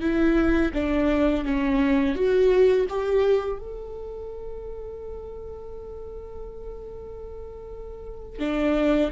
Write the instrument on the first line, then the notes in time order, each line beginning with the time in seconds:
viola
0.00 E4
0.73 D4
1.44 C#4
2.15 F#4
2.89 G4
3.58 A4
8.39 D4